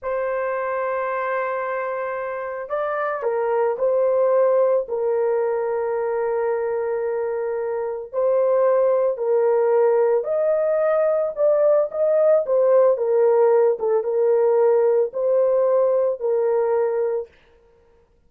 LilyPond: \new Staff \with { instrumentName = "horn" } { \time 4/4 \tempo 4 = 111 c''1~ | c''4 d''4 ais'4 c''4~ | c''4 ais'2.~ | ais'2. c''4~ |
c''4 ais'2 dis''4~ | dis''4 d''4 dis''4 c''4 | ais'4. a'8 ais'2 | c''2 ais'2 | }